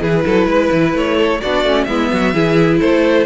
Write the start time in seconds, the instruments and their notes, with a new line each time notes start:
0.00 cello E3, viola E4, violin G#4 B4
0.25 cello F#3, violin A4
0.46 cello G#3, violin B4
0.72 cello E3
0.94 cello A3, violin C#5
1.17 violin A4
1.41 cello B3, viola D4, violin F#4 D5
1.64 cello A3, viola C#4
1.85 cello G#3, viola B3, violin E4 E5
2.13 cello F#3, violin F#4
2.34 cello E3, viola E4, violin G#4
2.80 cello A3, violin A4 C5